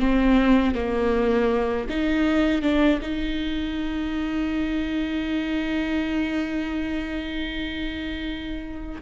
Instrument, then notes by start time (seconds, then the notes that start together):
viola
0.00 C4
0.75 A#3
1.89 D#4
2.62 D4
3.02 D#4